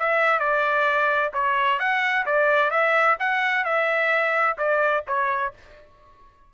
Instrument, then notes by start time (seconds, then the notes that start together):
trumpet
0.00 E5
0.40 D5
1.34 C#5
1.80 F#5
2.26 D5
2.71 E5
3.20 F#5
3.65 E5
4.58 D5
5.08 C#5